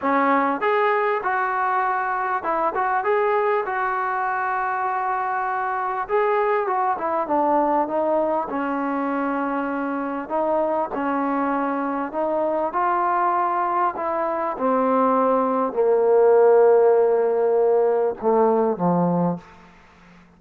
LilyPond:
\new Staff \with { instrumentName = "trombone" } { \time 4/4 \tempo 4 = 99 cis'4 gis'4 fis'2 | e'8 fis'8 gis'4 fis'2~ | fis'2 gis'4 fis'8 e'8 | d'4 dis'4 cis'2~ |
cis'4 dis'4 cis'2 | dis'4 f'2 e'4 | c'2 ais2~ | ais2 a4 f4 | }